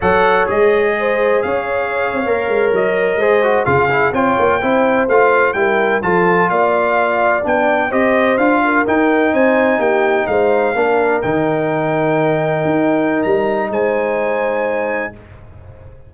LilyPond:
<<
  \new Staff \with { instrumentName = "trumpet" } { \time 4/4 \tempo 4 = 127 fis''4 dis''2 f''4~ | f''4.~ f''16 dis''2 f''16~ | f''8. g''2 f''4 g''16~ | g''8. a''4 f''2 g''16~ |
g''8. dis''4 f''4 g''4 gis''16~ | gis''8. g''4 f''2 g''16~ | g''1 | ais''4 gis''2. | }
  \new Staff \with { instrumentName = "horn" } { \time 4/4 cis''2 c''4 cis''4~ | cis''2~ cis''8. c''4 gis'16~ | gis'8. cis''4 c''2 ais'16~ | ais'8. a'4 d''2~ d''16~ |
d''8. c''4. ais'4. c''16~ | c''8. g'4 c''4 ais'4~ ais'16~ | ais'1~ | ais'4 c''2. | }
  \new Staff \with { instrumentName = "trombone" } { \time 4/4 a'4 gis'2.~ | gis'8. ais'2 gis'8 fis'8 f'16~ | f'16 e'8 f'4 e'4 f'4 e'16~ | e'8. f'2. d'16~ |
d'8. g'4 f'4 dis'4~ dis'16~ | dis'2~ dis'8. d'4 dis'16~ | dis'1~ | dis'1 | }
  \new Staff \with { instrumentName = "tuba" } { \time 4/4 fis4 gis2 cis'4~ | cis'8 c'16 ais8 gis8 fis4 gis4 cis16~ | cis8. c'8 ais8 c'4 a4 g16~ | g8. f4 ais2 b16~ |
b8. c'4 d'4 dis'4 c'16~ | c'8. ais4 gis4 ais4 dis16~ | dis2~ dis8. dis'4~ dis'16 | g4 gis2. | }
>>